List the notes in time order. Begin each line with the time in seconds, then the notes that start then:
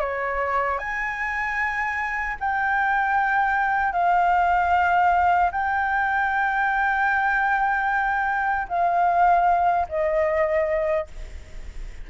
0.00 C#5
0.79 G#5
2.40 G5
3.93 F5
5.52 G5
8.69 F5
9.89 D#5